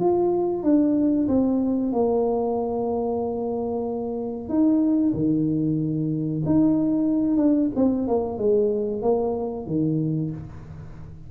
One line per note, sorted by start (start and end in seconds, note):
0.00 0.64 F4
0.64 1.28 D4
1.28 1.93 C4
1.93 4.49 A#3
4.49 5.14 D#4
5.14 6.43 D#3
6.46 7.38 D#4
7.38 7.70 D4
7.76 8.08 C4
8.08 8.38 A#3
8.38 9.03 G#3
9.03 9.67 A#3
9.67 10.31 D#3